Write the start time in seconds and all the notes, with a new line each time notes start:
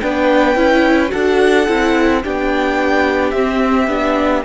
0.00 B3 D4 B4 G5
0.56 C#4 E4
1.08 D4 F#4 A4 F#5
1.67 C4 E4
2.23 B3 D4 G4 G5
3.31 C4 E5
3.87 B3 D4